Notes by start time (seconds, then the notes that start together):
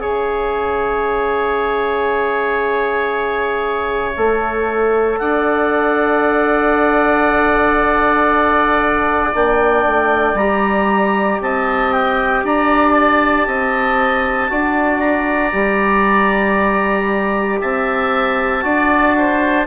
0.00 C#4 G#4 C#5 E5
4.17 A3 A4
5.19 D4 D5 F#5
9.33 A#3 D4 G5
9.86 A3
10.34 G3 G4 A#5
11.41 C4 D#5 A5
11.92 G5
12.44 D4 D5 A#5
12.92 A5
13.47 C4 D#5
14.50 D4 F#4 D5
14.99 A#5
15.52 G3 G4
17.61 C4 E5 A5
18.62 D4 F#4 D5
19.18 C5